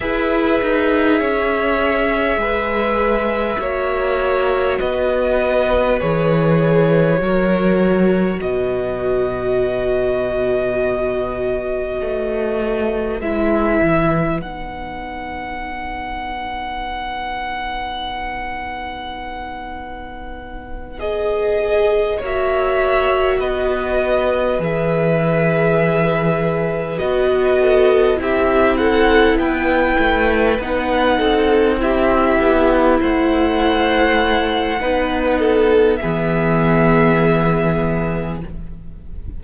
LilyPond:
<<
  \new Staff \with { instrumentName = "violin" } { \time 4/4 \tempo 4 = 50 e''1 | dis''4 cis''2 dis''4~ | dis''2. e''4 | fis''1~ |
fis''4. dis''4 e''4 dis''8~ | dis''8 e''2 dis''4 e''8 | fis''8 g''4 fis''4 e''4 fis''8~ | fis''2 e''2 | }
  \new Staff \with { instrumentName = "violin" } { \time 4/4 b'4 cis''4 b'4 cis''4 | b'2 ais'4 b'4~ | b'1~ | b'1~ |
b'2~ b'8 cis''4 b'8~ | b'2. a'8 g'8 | a'8 b'4. a'8 g'4 c''8~ | c''4 b'8 a'8 gis'2 | }
  \new Staff \with { instrumentName = "viola" } { \time 4/4 gis'2. fis'4~ | fis'4 gis'4 fis'2~ | fis'2. e'4 | dis'1~ |
dis'4. gis'4 fis'4.~ | fis'8 gis'2 fis'4 e'8~ | e'4. dis'4 e'4.~ | e'4 dis'4 b2 | }
  \new Staff \with { instrumentName = "cello" } { \time 4/4 e'8 dis'8 cis'4 gis4 ais4 | b4 e4 fis4 b,4~ | b,2 a4 gis8 e8 | b1~ |
b2~ b8 ais4 b8~ | b8 e2 b4 c'8~ | c'8 b8 a8 b8 c'4 b8 a8~ | a4 b4 e2 | }
>>